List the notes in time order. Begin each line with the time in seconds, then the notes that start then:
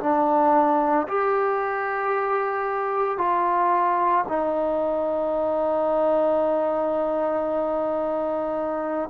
0.00 D4
1.08 G4
3.19 F4
4.29 D#4